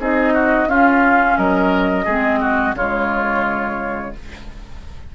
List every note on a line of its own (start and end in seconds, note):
0.00 0.67 C4
0.00 0.69 D#4
0.00 0.34 G#4
0.00 0.69 D#5
0.34 0.68 F#4
0.67 1.36 C#4
0.67 2.07 C#4
0.67 1.38 F4
0.67 1.37 F5
1.37 2.06 F#3
1.37 2.05 A#4
1.37 2.75 D#5
2.05 2.75 G#3
2.05 2.77 C4
2.05 2.40 G#4
2.41 2.75 F#4
2.75 4.12 C#3
2.75 4.16 G#3
2.75 4.15 F4
2.75 4.15 C#5